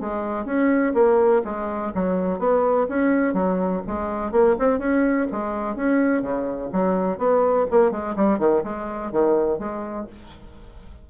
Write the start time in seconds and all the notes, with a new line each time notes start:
0.00 G#3
0.45 C#4
0.94 A#3
1.44 G#3
1.94 F#3
2.39 B3
2.89 C#4
3.34 F#3
3.87 G#3
4.32 A#3
4.59 C4
4.79 C#4
5.32 G#3
5.75 C#4
6.22 C#3
6.72 F#3
7.18 B3
7.71 A#3
7.91 G#3
8.16 G3
8.39 D#3
8.64 G#3
9.12 D#3
9.59 G#3